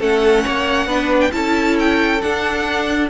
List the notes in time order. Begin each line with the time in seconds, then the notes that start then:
0.00 A3 C#4 A4 F#5
0.43 A#3 C#5
0.86 B3 D4 B4
1.20 G5
1.32 C#4 E4 A4 A5
1.79 G5
2.21 D4 F#5